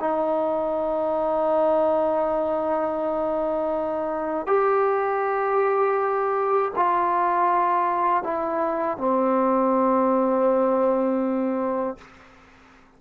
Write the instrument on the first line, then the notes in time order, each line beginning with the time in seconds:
trombone
0.00 D#4
4.47 G4
6.76 F4
8.24 E4
8.98 C4